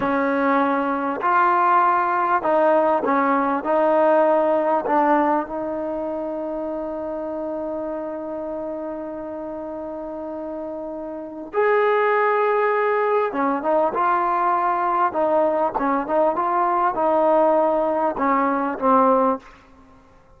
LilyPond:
\new Staff \with { instrumentName = "trombone" } { \time 4/4 \tempo 4 = 99 cis'2 f'2 | dis'4 cis'4 dis'2 | d'4 dis'2.~ | dis'1~ |
dis'2. gis'4~ | gis'2 cis'8 dis'8 f'4~ | f'4 dis'4 cis'8 dis'8 f'4 | dis'2 cis'4 c'4 | }